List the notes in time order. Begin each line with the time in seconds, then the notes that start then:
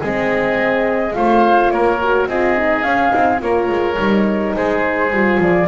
0.00 G#3 C4 G#4 D#5
1.14 A3 F4 C5 F5
1.71 A#3 A#4 C#5
2.02 F#4
2.26 C4 F4 G#4 D#5
2.57 D#4
2.83 C#4 F5
3.09 C4 D#4
3.39 A#3 F4 A#4 C#5
3.69 G#3
3.98 G3 D#4
4.56 G#3 G#4 C5
5.10 G3 F4
5.39 F3 D5